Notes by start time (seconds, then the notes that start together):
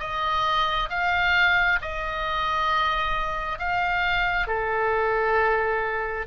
0.00 D#5
0.90 F5
1.82 D#5
3.59 F5
4.48 A4